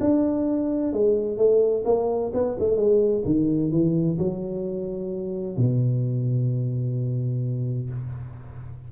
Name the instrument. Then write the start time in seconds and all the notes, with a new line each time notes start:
tuba
0.00 D4
0.93 G#3
1.37 A3
1.85 A#3
2.34 B3
2.59 A3
2.76 G#3
3.25 D#3
3.71 E3
4.18 F#3
5.57 B2